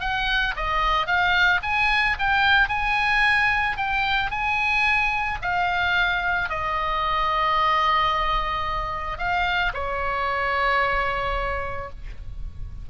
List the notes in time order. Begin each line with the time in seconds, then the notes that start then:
0.00 F#5
0.56 D#5
1.06 F5
1.62 G#5
2.18 G5
2.68 G#5
3.76 G5
4.30 G#5
5.41 F5
6.49 D#5
9.18 F5
9.73 C#5